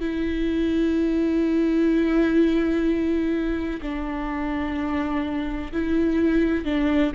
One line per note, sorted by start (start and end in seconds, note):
0.00 3.81 E4
3.81 5.72 D4
5.72 6.65 E4
6.65 7.13 D4